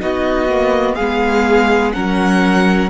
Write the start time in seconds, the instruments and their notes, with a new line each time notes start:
0.00 cello B3, viola D#4, violin F#4 D#5
0.49 viola A#3
0.95 cello G#3, viola B3, violin G#4 F5
1.93 cello F#3, viola C#4, violin A#4 F#5